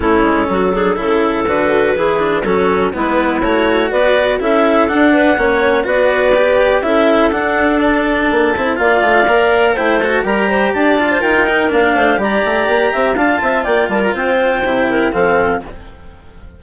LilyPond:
<<
  \new Staff \with { instrumentName = "clarinet" } { \time 4/4 \tempo 4 = 123 a'2. b'4~ | b'4 a'4 b'4 cis''4 | d''4 e''4 fis''2 | d''2 e''4 fis''4 |
a''2 f''2 | g''8 a''8 ais''4 a''4 g''4 | f''4 ais''2 a''4 | g''8 a''16 ais''16 g''2 f''4 | }
  \new Staff \with { instrumentName = "clarinet" } { \time 4/4 e'4 fis'8 gis'8 a'2 | gis'4 fis'4 e'2 | b'4 a'4. b'8 cis''4 | b'2 a'2~ |
a'2 d''2 | c''4 ais'8 c''8 d''8. c''16 ais'4~ | ais'8 c''8 d''4. e''8 f''8 e''8 | d''8 ais'8 c''4. ais'8 a'4 | }
  \new Staff \with { instrumentName = "cello" } { \time 4/4 cis'4. d'8 e'4 fis'4 | e'8 d'8 cis'4 b4 fis'4~ | fis'4 e'4 d'4 cis'4 | fis'4 g'4 e'4 d'4~ |
d'4. e'8 f'4 ais'4 | e'8 fis'8 g'4. f'4 dis'8 | d'4 g'2 f'4~ | f'2 e'4 c'4 | }
  \new Staff \with { instrumentName = "bassoon" } { \time 4/4 a8 gis8 fis4 cis4 d4 | e4 fis4 gis4 a4 | b4 cis'4 d'4 ais4 | b2 cis'4 d'4~ |
d'4 ais8 c'8 ais8 a8 ais4 | a4 g4 d'4 dis'4 | ais8 a8 g8 a8 ais8 c'8 d'8 c'8 | ais8 g8 c'4 c4 f4 | }
>>